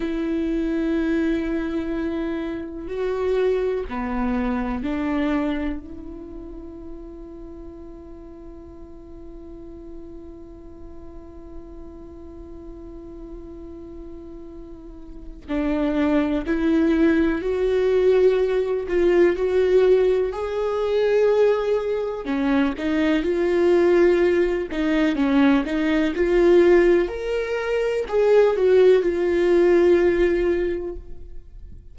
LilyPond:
\new Staff \with { instrumentName = "viola" } { \time 4/4 \tempo 4 = 62 e'2. fis'4 | b4 d'4 e'2~ | e'1~ | e'1 |
d'4 e'4 fis'4. f'8 | fis'4 gis'2 cis'8 dis'8 | f'4. dis'8 cis'8 dis'8 f'4 | ais'4 gis'8 fis'8 f'2 | }